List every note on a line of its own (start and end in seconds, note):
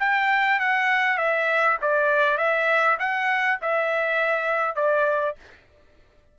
0.00 0.60 G5
0.60 1.18 F#5
1.18 1.78 E5
1.82 2.38 D5
2.38 2.98 E5
3.00 3.60 F#5
3.62 4.76 E5
4.76 5.36 D5